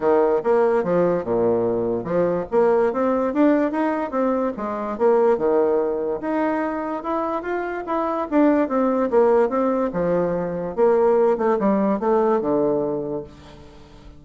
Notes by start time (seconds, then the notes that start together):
0.00 D#3
0.43 A#3
0.83 F3
1.24 A#2
2.04 F3
2.51 A#3
2.92 C4
3.33 D4
3.71 D#4
4.10 C4
4.56 G#3
4.97 A#3
5.37 D#3
6.21 D#4
7.03 E4
7.42 F4
7.86 E4
8.30 D4
8.68 C4
9.10 A#3
9.49 C4
9.93 F3
10.75 A#3
11.37 A3
11.59 G3
11.99 A3
12.40 D3